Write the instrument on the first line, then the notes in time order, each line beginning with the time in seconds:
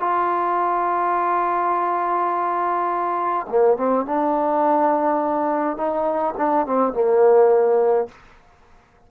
trombone
0.00 F4
3.49 A#3
3.77 C4
4.05 D4
5.77 D#4
6.37 D4
6.66 C4
6.93 A#3